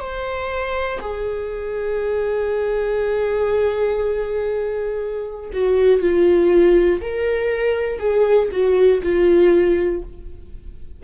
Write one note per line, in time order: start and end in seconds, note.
0.00 1.00 C5
1.01 5.51 G#4
5.53 6.00 F#4
6.00 7.00 F4
7.01 7.99 A#4
7.99 8.49 G#4
8.51 9.01 F#4
9.03 10.03 F4